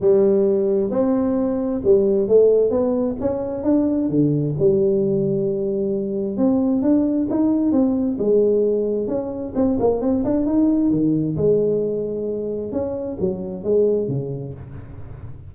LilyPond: \new Staff \with { instrumentName = "tuba" } { \time 4/4 \tempo 4 = 132 g2 c'2 | g4 a4 b4 cis'4 | d'4 d4 g2~ | g2 c'4 d'4 |
dis'4 c'4 gis2 | cis'4 c'8 ais8 c'8 d'8 dis'4 | dis4 gis2. | cis'4 fis4 gis4 cis4 | }